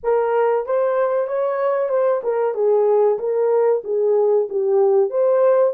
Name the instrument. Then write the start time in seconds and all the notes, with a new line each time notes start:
horn
0.03 A#4
0.66 C5
1.27 C#5
1.89 C5
2.23 A#4
2.54 G#4
3.18 A#4
3.84 G#4
4.49 G4
5.09 C5